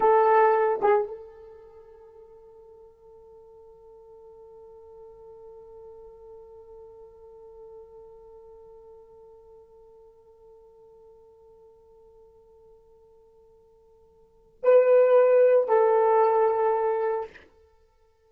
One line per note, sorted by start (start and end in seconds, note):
0.00 0.80 A4
0.82 1.07 G#4
1.07 14.58 A4
14.62 15.68 B4
15.68 17.30 A4